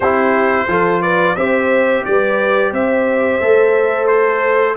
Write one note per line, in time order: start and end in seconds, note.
0.00 0.67 C4
0.00 0.68 E4
0.00 0.65 G4
0.00 1.01 C5
0.67 1.35 F3
0.67 1.36 F4
0.67 1.02 A4
1.01 1.36 B4
1.01 1.36 D5
1.36 2.05 C4
1.36 3.41 G4
1.36 2.05 C5
1.36 2.04 E5
2.04 2.71 G3
2.04 2.72 B4
2.04 2.73 D5
2.71 3.40 C4
2.71 4.76 C5
2.71 4.07 E5
3.40 4.76 A3
3.40 4.76 A4
4.07 4.75 C5